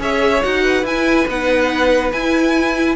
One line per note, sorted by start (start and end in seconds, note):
0.00 0.42 C#4
0.00 0.42 G#4
0.00 0.64 C#5
0.00 0.44 E5
0.43 0.84 D#4
0.43 0.85 F#4
0.43 0.86 F#5
0.64 2.96 B4
0.84 1.26 E4
0.84 1.28 E4
0.84 1.29 G#5
1.28 2.12 B3
1.28 2.13 D#4
1.28 2.13 F#5
2.13 2.96 E4
2.13 2.96 G#5